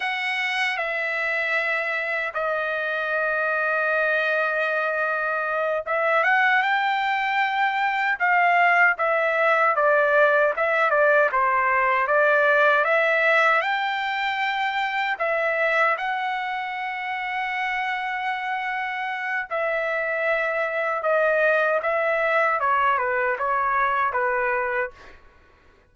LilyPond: \new Staff \with { instrumentName = "trumpet" } { \time 4/4 \tempo 4 = 77 fis''4 e''2 dis''4~ | dis''2.~ dis''8 e''8 | fis''8 g''2 f''4 e''8~ | e''8 d''4 e''8 d''8 c''4 d''8~ |
d''8 e''4 g''2 e''8~ | e''8 fis''2.~ fis''8~ | fis''4 e''2 dis''4 | e''4 cis''8 b'8 cis''4 b'4 | }